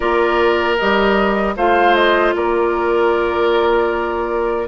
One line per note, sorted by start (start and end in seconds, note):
0.00 0.78 A#3
0.00 0.76 F4
0.00 1.54 A#4
0.00 0.77 D5
0.78 1.56 G3
0.78 1.56 G4
0.78 1.56 D#5
1.56 2.34 A3
1.56 4.67 F4
1.56 2.34 C5
1.56 1.94 F5
1.94 2.33 D#5
2.35 4.67 A#3
2.35 4.67 A#4
2.35 4.67 D5